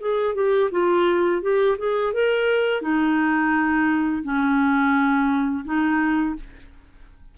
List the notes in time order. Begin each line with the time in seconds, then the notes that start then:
0.00 G#4
0.34 G4
0.71 F4
1.42 G4
1.78 G#4
2.13 A#4
2.81 D#4
4.23 C#4
5.64 D#4